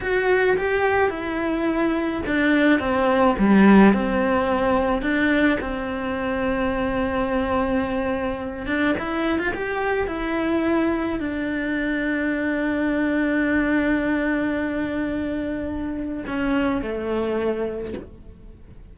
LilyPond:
\new Staff \with { instrumentName = "cello" } { \time 4/4 \tempo 4 = 107 fis'4 g'4 e'2 | d'4 c'4 g4 c'4~ | c'4 d'4 c'2~ | c'2.~ c'8 d'8 |
e'8. f'16 g'4 e'2 | d'1~ | d'1~ | d'4 cis'4 a2 | }